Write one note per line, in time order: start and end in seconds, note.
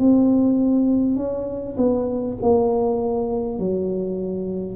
0.00 1.16 C4
1.16 1.76 C#4
1.78 2.38 B3
2.42 3.59 A#3
3.59 4.77 F#3